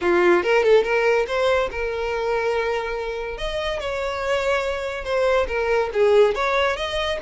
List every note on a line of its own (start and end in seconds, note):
0.01 0.43 F4
0.43 0.63 A#4
0.63 0.83 A4
0.83 1.26 A#4
1.27 1.69 C5
1.71 3.37 A#4
3.37 3.79 D#5
3.79 5.04 C#5
5.04 5.46 C5
5.47 5.90 A#4
5.93 6.34 G#4
6.34 6.76 C#5
6.76 7.18 D#5